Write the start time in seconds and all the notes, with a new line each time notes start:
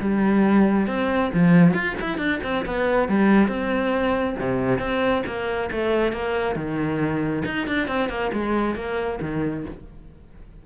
0.00 G3
0.88 C4
1.34 F3
1.74 F4
2.01 E4
2.18 D4
2.44 C4
2.66 B3
3.08 G3
3.48 C4
4.40 C3
4.79 C4
5.27 A#3
5.72 A3
6.13 A#3
6.56 D#3
7.45 D#4
7.68 D4
7.88 C4
8.09 A#3
8.33 G#3
8.76 A#3
9.21 D#3